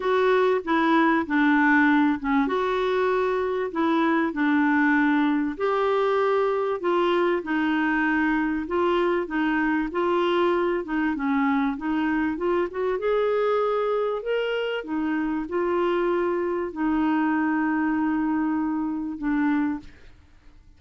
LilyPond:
\new Staff \with { instrumentName = "clarinet" } { \time 4/4 \tempo 4 = 97 fis'4 e'4 d'4. cis'8 | fis'2 e'4 d'4~ | d'4 g'2 f'4 | dis'2 f'4 dis'4 |
f'4. dis'8 cis'4 dis'4 | f'8 fis'8 gis'2 ais'4 | dis'4 f'2 dis'4~ | dis'2. d'4 | }